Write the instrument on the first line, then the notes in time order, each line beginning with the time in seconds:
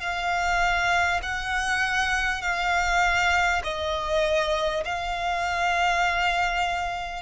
violin
0.00 F5
1.23 F#5
2.42 F5
3.63 D#5
4.85 F5